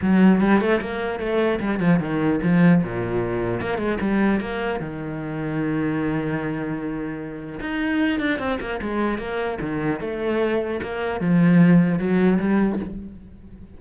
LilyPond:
\new Staff \with { instrumentName = "cello" } { \time 4/4 \tempo 4 = 150 fis4 g8 a8 ais4 a4 | g8 f8 dis4 f4 ais,4~ | ais,4 ais8 gis8 g4 ais4 | dis1~ |
dis2. dis'4~ | dis'8 d'8 c'8 ais8 gis4 ais4 | dis4 a2 ais4 | f2 fis4 g4 | }